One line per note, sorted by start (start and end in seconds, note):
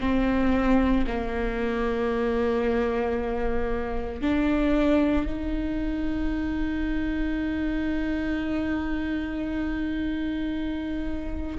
0.00 1.05 C4
1.07 4.22 A#3
4.22 5.26 D4
5.26 11.58 D#4